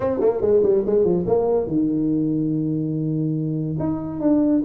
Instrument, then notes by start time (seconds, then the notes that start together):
tuba
0.00 C4
0.20 A#3
0.41 G#3
0.63 G3
0.86 G#3
1.04 F3
1.26 A#3
1.66 D#3
3.79 D#4
4.20 D4